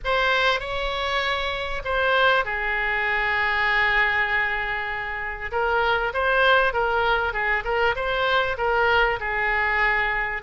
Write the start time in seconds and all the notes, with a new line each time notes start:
0.04 C5
0.60 C#5
1.84 C5
2.45 G#4
5.51 A#4
6.13 C5
6.73 A#4
7.33 G#4
7.64 A#4
7.95 C5
8.57 A#4
9.19 G#4